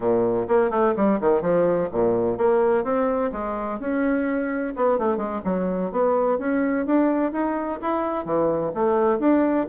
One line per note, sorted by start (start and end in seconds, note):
0.00 0.47 A#2
0.48 0.70 A#3
0.70 0.93 A3
0.96 1.20 G3
1.20 1.41 D#3
1.41 1.89 F3
1.92 2.37 A#2
2.37 2.84 A#3
2.84 3.31 C4
3.32 3.79 G#3
3.79 4.74 C#4
4.76 4.98 B3
4.98 5.17 A3
5.17 5.40 G#3
5.44 5.91 F#3
5.91 6.38 B3
6.38 6.85 C#4
6.86 7.32 D4
7.32 7.79 D#4
7.81 8.25 E4
8.25 8.72 E3
8.74 9.19 A3
9.19 9.66 D4